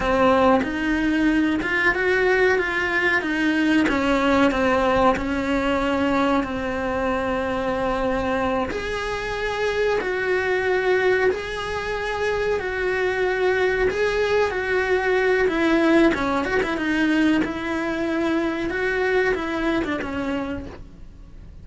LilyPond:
\new Staff \with { instrumentName = "cello" } { \time 4/4 \tempo 4 = 93 c'4 dis'4. f'8 fis'4 | f'4 dis'4 cis'4 c'4 | cis'2 c'2~ | c'4. gis'2 fis'8~ |
fis'4. gis'2 fis'8~ | fis'4. gis'4 fis'4. | e'4 cis'8 fis'16 e'16 dis'4 e'4~ | e'4 fis'4 e'8. d'16 cis'4 | }